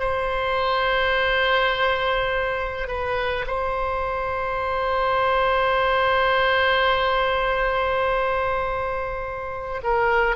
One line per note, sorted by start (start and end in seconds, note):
0.00 2.88 C5
2.88 3.46 B4
3.47 9.81 C5
9.83 10.36 A#4